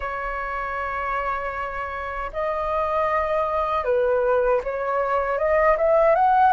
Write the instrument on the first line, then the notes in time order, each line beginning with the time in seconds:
flute
0.00 C#5
2.33 D#5
3.84 B4
4.63 C#5
5.38 D#5
5.77 E5
6.15 F#5